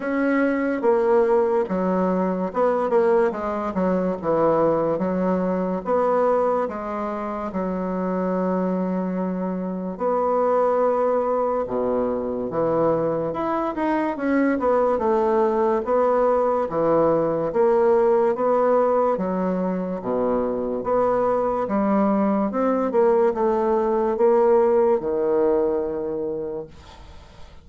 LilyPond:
\new Staff \with { instrumentName = "bassoon" } { \time 4/4 \tempo 4 = 72 cis'4 ais4 fis4 b8 ais8 | gis8 fis8 e4 fis4 b4 | gis4 fis2. | b2 b,4 e4 |
e'8 dis'8 cis'8 b8 a4 b4 | e4 ais4 b4 fis4 | b,4 b4 g4 c'8 ais8 | a4 ais4 dis2 | }